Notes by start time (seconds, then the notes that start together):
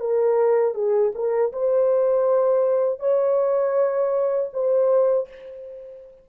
0.00 A#4
0.74 G#4
1.15 A#4
1.52 C5
3.00 C#5
4.53 C5